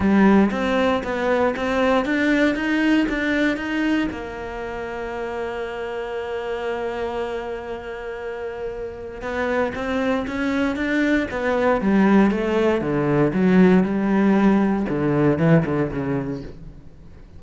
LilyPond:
\new Staff \with { instrumentName = "cello" } { \time 4/4 \tempo 4 = 117 g4 c'4 b4 c'4 | d'4 dis'4 d'4 dis'4 | ais1~ | ais1~ |
ais2 b4 c'4 | cis'4 d'4 b4 g4 | a4 d4 fis4 g4~ | g4 d4 e8 d8 cis4 | }